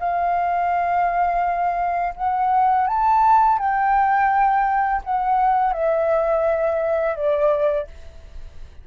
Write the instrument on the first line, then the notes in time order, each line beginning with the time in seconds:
flute
0.00 F5
2.16 F#5
2.87 A5
3.59 G5
5.04 F#5
5.73 E5
7.16 D5